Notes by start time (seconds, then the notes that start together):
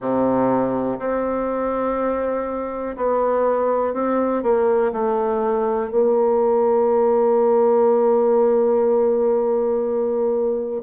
0.00 C3
0.99 C4
2.96 B3
3.93 C4
4.43 A#3
4.92 A3
5.90 A#3